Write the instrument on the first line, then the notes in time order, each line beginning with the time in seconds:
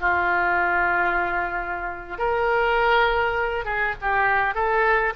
oboe
0.00 F4
2.18 A#4
3.65 G#4
4.01 G4
4.54 A4